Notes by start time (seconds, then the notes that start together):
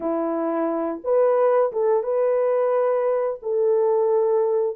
0.00 E4
1.04 B4
1.72 A4
2.03 B4
3.42 A4